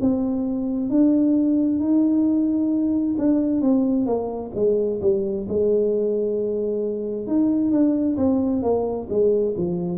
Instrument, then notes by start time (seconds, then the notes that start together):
tuba
0.00 C4
0.89 D4
1.79 D#4
3.18 D4
3.61 C4
4.06 A#3
4.55 G#3
5.01 G3
5.48 G#3
7.26 D#4
7.71 D4
8.17 C4
8.62 A#3
9.09 G#3
9.57 F3